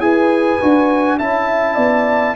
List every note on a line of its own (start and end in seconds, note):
0.00 0.59 E4
0.00 0.60 G#4
0.00 1.19 B4
0.00 1.18 G#5
0.62 1.20 D4
0.62 1.20 F#4
1.19 1.77 C#4
1.19 2.36 E4
1.19 1.75 E5
1.19 2.36 A5
1.75 2.36 B3
1.75 2.34 D5